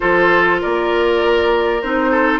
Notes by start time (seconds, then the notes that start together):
0.00 F3 F4 A4 C5
0.61 A#3 A#4 D5
1.82 C4 D#4 C5
2.11 A4